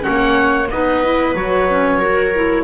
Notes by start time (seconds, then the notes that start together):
0.00 C#4 C#5 F#5
0.08 A#3
0.70 B3 D#4 B4 D#5
1.04 E4
1.34 F#3 F#4 C#5
1.69 C#4
1.99 F#4 A#4
2.34 E4